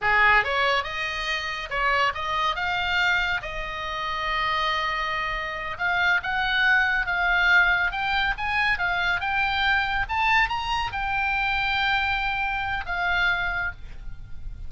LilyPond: \new Staff \with { instrumentName = "oboe" } { \time 4/4 \tempo 4 = 140 gis'4 cis''4 dis''2 | cis''4 dis''4 f''2 | dis''1~ | dis''4. f''4 fis''4.~ |
fis''8 f''2 g''4 gis''8~ | gis''8 f''4 g''2 a''8~ | a''8 ais''4 g''2~ g''8~ | g''2 f''2 | }